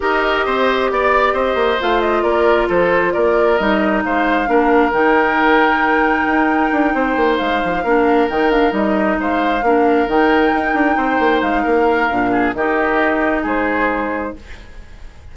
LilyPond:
<<
  \new Staff \with { instrumentName = "flute" } { \time 4/4 \tempo 4 = 134 dis''2 d''4 dis''4 | f''8 dis''8 d''4 c''4 d''4 | dis''4 f''2 g''4~ | g''1~ |
g''8 f''2 g''8 f''8 dis''8~ | dis''8 f''2 g''4.~ | g''4. f''2~ f''8 | dis''2 c''2 | }
  \new Staff \with { instrumentName = "oboe" } { \time 4/4 ais'4 c''4 d''4 c''4~ | c''4 ais'4 a'4 ais'4~ | ais'4 c''4 ais'2~ | ais'2.~ ais'8 c''8~ |
c''4. ais'2~ ais'8~ | ais'8 c''4 ais'2~ ais'8~ | ais'8 c''4. ais'4. gis'8 | g'2 gis'2 | }
  \new Staff \with { instrumentName = "clarinet" } { \time 4/4 g'1 | f'1 | dis'2 d'4 dis'4~ | dis'1~ |
dis'4. d'4 dis'8 d'8 dis'8~ | dis'4. d'4 dis'4.~ | dis'2. d'4 | dis'1 | }
  \new Staff \with { instrumentName = "bassoon" } { \time 4/4 dis'4 c'4 b4 c'8 ais8 | a4 ais4 f4 ais4 | g4 gis4 ais4 dis4~ | dis2 dis'4 d'8 c'8 |
ais8 gis8 f8 ais4 dis4 g8~ | g8 gis4 ais4 dis4 dis'8 | d'8 c'8 ais8 gis8 ais4 ais,4 | dis2 gis2 | }
>>